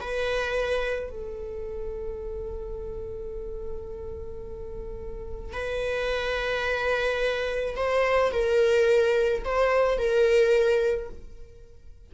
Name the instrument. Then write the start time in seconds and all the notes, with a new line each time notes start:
viola
0.00 B4
1.10 A4
5.53 B4
7.76 C5
8.32 A#4
9.44 C5
9.98 A#4